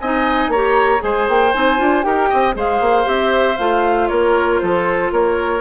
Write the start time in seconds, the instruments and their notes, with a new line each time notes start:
0.00 bassoon C4, clarinet D#4, oboe D#5, flute G#5
0.48 bassoon A#3, oboe C#5, flute A#5
0.54 clarinet G4
0.99 bassoon G#3, clarinet G#4, oboe C5, flute G#5
1.28 bassoon A#3, flute G5
1.53 bassoon C4, clarinet D#4, flute G#5
1.77 bassoon D4, clarinet F4
2.03 bassoon D#4, clarinet G4, oboe A#4, flute G5
2.29 bassoon C4, oboe D#5
2.54 bassoon G#3, clarinet G#4, oboe C5, flute F5
2.80 bassoon A#3
3.04 bassoon C4, clarinet G4, flute E5
3.57 bassoon A3, clarinet F4, flute F5
4.08 bassoon A#3, oboe A#4, flute C#5
4.59 bassoon F3, oboe A4, flute C5
5.12 bassoon A#3, oboe A#4, flute C#5